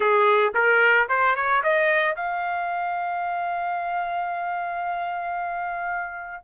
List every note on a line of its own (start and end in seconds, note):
0.00 0.53 G#4
0.54 1.07 A#4
1.09 1.35 C5
1.35 1.62 C#5
1.63 2.15 D#5
2.15 6.44 F5